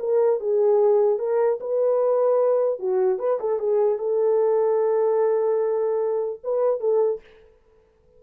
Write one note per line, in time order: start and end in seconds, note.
0.00 0.40 A#4
0.40 1.19 G#4
1.19 1.59 A#4
1.61 2.79 B4
2.79 3.19 F#4
3.19 3.39 B4
3.40 3.60 A4
3.60 3.99 G#4
3.99 6.40 A4
6.44 6.80 B4
6.80 7.21 A4